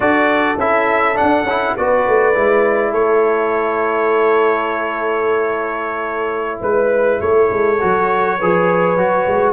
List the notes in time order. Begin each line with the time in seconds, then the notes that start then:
0.00 D4 F#4 A4 D5
0.56 C#4 E4 E5
1.14 D4 F#5
1.21 D4
1.43 C#4
1.49 E4
1.76 B3 F#4 B4 D5
2.07 A3
2.34 G#3 E4
2.91 A3 A4 C#5
6.60 G#3 B4
7.20 A3 A4 C#5
7.50 G#3
7.80 F#3 F#4
8.38 F3 G#4 B4
8.96 F#3 F#4
9.27 G#3